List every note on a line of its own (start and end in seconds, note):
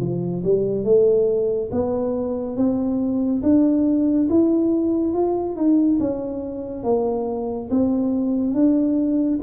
0.00 0.43 F3
0.44 0.85 G3
0.85 1.70 A3
1.71 2.57 B3
2.57 3.42 C4
3.43 4.29 D4
4.30 5.14 E4
5.14 5.56 F4
5.56 5.99 D#4
6.00 6.84 C#4
6.84 7.69 A#3
7.70 8.54 C4
8.54 9.40 D4